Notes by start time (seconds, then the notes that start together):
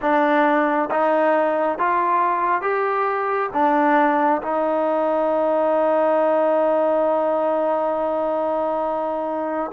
0.01 D4
0.91 D#4
1.78 F4
2.61 G4
3.53 D4
4.42 D#4